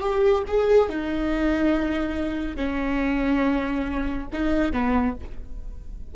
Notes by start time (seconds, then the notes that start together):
0.00 G4
0.47 G#4
0.88 D#4
2.56 C#4
4.32 D#4
4.72 B3